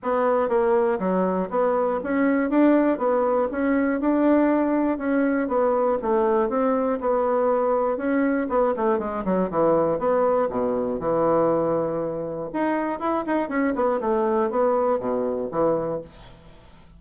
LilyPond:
\new Staff \with { instrumentName = "bassoon" } { \time 4/4 \tempo 4 = 120 b4 ais4 fis4 b4 | cis'4 d'4 b4 cis'4 | d'2 cis'4 b4 | a4 c'4 b2 |
cis'4 b8 a8 gis8 fis8 e4 | b4 b,4 e2~ | e4 dis'4 e'8 dis'8 cis'8 b8 | a4 b4 b,4 e4 | }